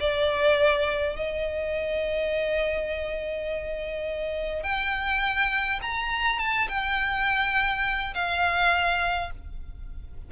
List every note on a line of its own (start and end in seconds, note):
0.00 1.16 D5
1.16 4.63 D#5
4.63 5.80 G5
5.82 6.39 A#5
6.39 6.68 A5
6.68 8.14 G5
8.14 9.31 F5